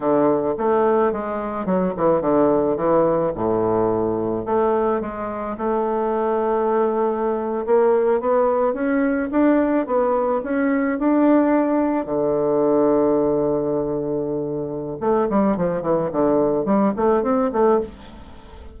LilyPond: \new Staff \with { instrumentName = "bassoon" } { \time 4/4 \tempo 4 = 108 d4 a4 gis4 fis8 e8 | d4 e4 a,2 | a4 gis4 a2~ | a4.~ a16 ais4 b4 cis'16~ |
cis'8. d'4 b4 cis'4 d'16~ | d'4.~ d'16 d2~ d16~ | d2. a8 g8 | f8 e8 d4 g8 a8 c'8 a8 | }